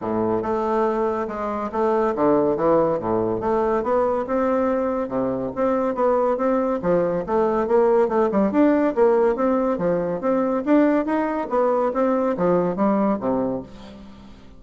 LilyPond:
\new Staff \with { instrumentName = "bassoon" } { \time 4/4 \tempo 4 = 141 a,4 a2 gis4 | a4 d4 e4 a,4 | a4 b4 c'2 | c4 c'4 b4 c'4 |
f4 a4 ais4 a8 g8 | d'4 ais4 c'4 f4 | c'4 d'4 dis'4 b4 | c'4 f4 g4 c4 | }